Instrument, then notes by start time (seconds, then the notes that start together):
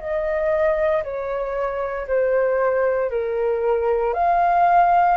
flute
0.00 D#5
1.03 C#5
2.07 C5
3.10 A#4
4.14 F5